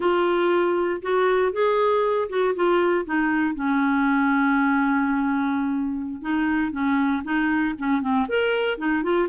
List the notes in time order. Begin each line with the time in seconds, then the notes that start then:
0.00 F4
1.02 F#4
1.52 G#4
2.29 F#4
2.55 F4
3.05 D#4
3.54 C#4
6.21 D#4
6.71 C#4
7.24 D#4
7.78 C#4
8.01 C4
8.28 A#4
8.77 D#4
9.03 F4